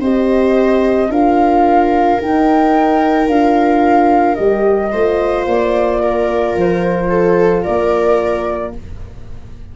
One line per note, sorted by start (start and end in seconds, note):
0.00 1.09 C4
0.00 1.10 G4
0.00 1.10 C5
0.00 1.11 D#5
1.09 2.18 D4
1.09 2.19 F4
1.09 4.92 A#4
1.09 2.20 F5
2.19 3.28 D#4
2.19 3.27 D#4
2.19 3.29 G5
3.27 4.36 D4
3.27 4.37 F4
3.27 4.35 F5
4.35 4.93 G3
4.35 4.92 G4
4.35 5.44 D#5
4.92 5.46 A3
4.92 8.74 F4
4.92 6.01 C5
5.46 6.55 A#3
5.46 6.57 D5
6.01 7.09 A#4
6.55 7.64 F3
6.55 7.63 C5
7.09 7.63 A4
7.63 8.76 A#3
7.63 8.72 A#4
7.63 8.72 D5